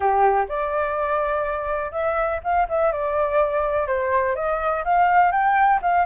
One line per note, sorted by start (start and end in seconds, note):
0.00 0.46 G4
0.48 1.91 D5
1.91 2.40 E5
2.43 2.67 F5
2.69 2.92 E5
2.92 3.87 D5
3.87 4.35 C5
4.35 4.84 D#5
4.84 5.31 F5
5.31 5.80 G5
5.82 6.05 F5